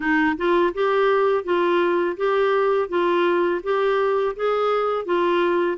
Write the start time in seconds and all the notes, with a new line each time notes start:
0.00 D#4
0.37 F4
0.74 G4
1.44 F4
2.17 G4
2.88 F4
3.63 G4
4.35 G#4
5.05 F4